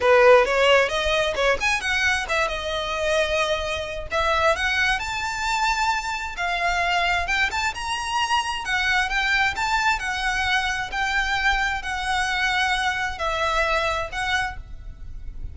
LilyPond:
\new Staff \with { instrumentName = "violin" } { \time 4/4 \tempo 4 = 132 b'4 cis''4 dis''4 cis''8 gis''8 | fis''4 e''8 dis''2~ dis''8~ | dis''4 e''4 fis''4 a''4~ | a''2 f''2 |
g''8 a''8 ais''2 fis''4 | g''4 a''4 fis''2 | g''2 fis''2~ | fis''4 e''2 fis''4 | }